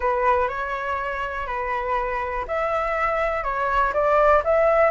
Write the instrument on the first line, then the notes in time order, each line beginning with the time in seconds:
flute
0.00 B4
0.48 C#5
1.46 B4
2.47 E5
3.43 C#5
3.93 D5
4.44 E5